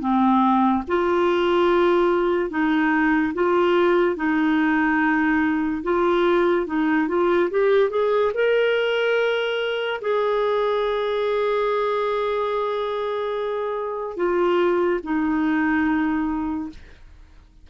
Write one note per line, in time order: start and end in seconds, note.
0.00 0.83 C4
0.87 2.50 F4
2.50 3.33 D#4
3.34 4.16 F4
4.16 5.83 D#4
5.83 6.66 F4
6.67 7.08 D#4
7.08 7.50 F4
7.50 7.90 G4
7.90 8.32 G#4
8.34 10.01 A#4
10.01 14.17 G#4
14.17 15.00 F4
15.03 16.70 D#4